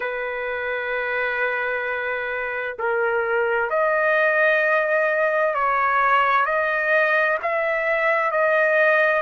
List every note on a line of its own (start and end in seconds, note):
0.00 2.77 B4
2.79 3.70 A#4
3.70 5.54 D#5
5.54 6.45 C#5
6.45 7.38 D#5
7.42 8.31 E5
8.31 9.22 D#5